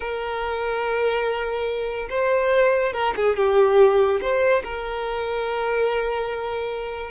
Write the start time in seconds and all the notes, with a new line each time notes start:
0.00 A#4
2.09 C5
2.93 A#4
3.16 G#4
3.36 G4
4.21 C5
4.63 A#4